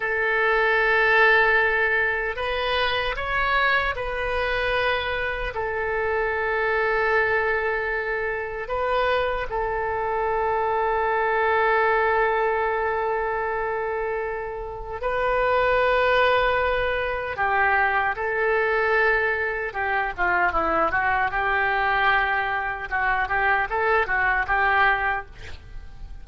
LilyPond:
\new Staff \with { instrumentName = "oboe" } { \time 4/4 \tempo 4 = 76 a'2. b'4 | cis''4 b'2 a'4~ | a'2. b'4 | a'1~ |
a'2. b'4~ | b'2 g'4 a'4~ | a'4 g'8 f'8 e'8 fis'8 g'4~ | g'4 fis'8 g'8 a'8 fis'8 g'4 | }